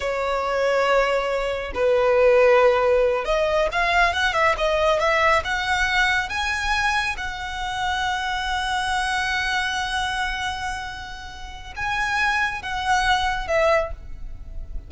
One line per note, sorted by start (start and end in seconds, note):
0.00 1.72 C#5
1.74 3.25 B4
3.25 3.68 D#5
3.72 4.13 F5
4.13 4.33 F#5
4.33 4.55 E5
4.57 4.99 D#5
4.99 5.42 E5
5.44 6.29 F#5
6.29 7.16 G#5
7.17 11.74 F#5
11.75 12.62 G#5
12.62 13.47 F#5
13.47 13.91 E5